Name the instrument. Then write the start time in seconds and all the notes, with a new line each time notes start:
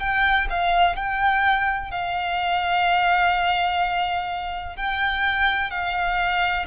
violin
0.00 G5
0.50 F5
0.96 G5
1.91 F5
4.77 G5
5.71 F5